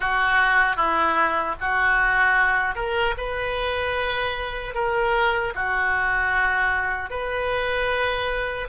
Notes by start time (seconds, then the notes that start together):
0.00 F#4
0.76 E4
1.60 F#4
2.75 A#4
3.17 B4
4.74 A#4
5.54 F#4
7.10 B4